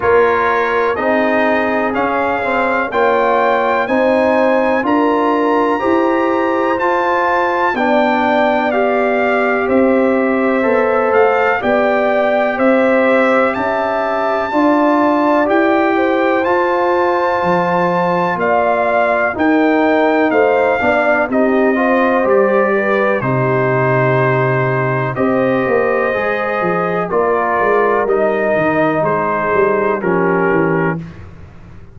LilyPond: <<
  \new Staff \with { instrumentName = "trumpet" } { \time 4/4 \tempo 4 = 62 cis''4 dis''4 f''4 g''4 | gis''4 ais''2 a''4 | g''4 f''4 e''4. f''8 | g''4 e''4 a''2 |
g''4 a''2 f''4 | g''4 f''4 dis''4 d''4 | c''2 dis''2 | d''4 dis''4 c''4 ais'4 | }
  \new Staff \with { instrumentName = "horn" } { \time 4/4 ais'4 gis'2 cis''4 | c''4 ais'4 c''2 | d''2 c''2 | d''4 c''4 e''4 d''4~ |
d''8 c''2~ c''8 d''4 | ais'4 c''8 d''8 g'8 c''4 b'8 | g'2 c''2 | ais'2 gis'4 g'4 | }
  \new Staff \with { instrumentName = "trombone" } { \time 4/4 f'4 dis'4 cis'8 c'8 f'4 | dis'4 f'4 g'4 f'4 | d'4 g'2 a'4 | g'2. f'4 |
g'4 f'2. | dis'4. d'8 dis'8 f'8 g'4 | dis'2 g'4 gis'4 | f'4 dis'2 cis'4 | }
  \new Staff \with { instrumentName = "tuba" } { \time 4/4 ais4 c'4 cis'4 ais4 | c'4 d'4 e'4 f'4 | b2 c'4 b8 a8 | b4 c'4 cis'4 d'4 |
e'4 f'4 f4 ais4 | dis'4 a8 b8 c'4 g4 | c2 c'8 ais8 gis8 f8 | ais8 gis8 g8 dis8 gis8 g8 f8 e8 | }
>>